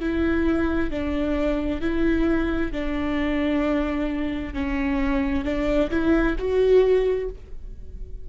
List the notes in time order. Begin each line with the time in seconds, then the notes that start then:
0.00 E4
0.90 D4
1.81 E4
2.71 D4
4.53 C#4
5.44 D4
5.90 E4
6.38 F#4